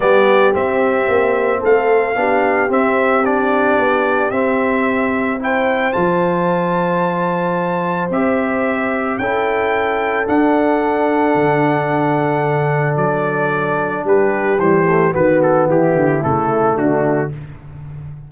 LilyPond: <<
  \new Staff \with { instrumentName = "trumpet" } { \time 4/4 \tempo 4 = 111 d''4 e''2 f''4~ | f''4 e''4 d''2 | e''2 g''4 a''4~ | a''2. e''4~ |
e''4 g''2 fis''4~ | fis''1 | d''2 b'4 c''4 | b'8 a'8 g'4 a'4 fis'4 | }
  \new Staff \with { instrumentName = "horn" } { \time 4/4 g'2. a'4 | g'1~ | g'2 c''2~ | c''1~ |
c''4 a'2.~ | a'1~ | a'2 g'2 | fis'4 e'2 d'4 | }
  \new Staff \with { instrumentName = "trombone" } { \time 4/4 b4 c'2. | d'4 c'4 d'2 | c'2 e'4 f'4~ | f'2. g'4~ |
g'4 e'2 d'4~ | d'1~ | d'2. g8 a8 | b2 a2 | }
  \new Staff \with { instrumentName = "tuba" } { \time 4/4 g4 c'4 ais4 a4 | b4 c'2 b4 | c'2. f4~ | f2. c'4~ |
c'4 cis'2 d'4~ | d'4 d2. | fis2 g4 e4 | dis4 e8 d8 cis4 d4 | }
>>